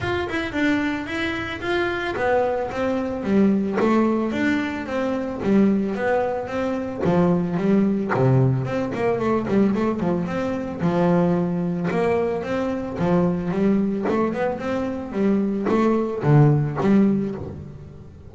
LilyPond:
\new Staff \with { instrumentName = "double bass" } { \time 4/4 \tempo 4 = 111 f'8 e'8 d'4 e'4 f'4 | b4 c'4 g4 a4 | d'4 c'4 g4 b4 | c'4 f4 g4 c4 |
c'8 ais8 a8 g8 a8 f8 c'4 | f2 ais4 c'4 | f4 g4 a8 b8 c'4 | g4 a4 d4 g4 | }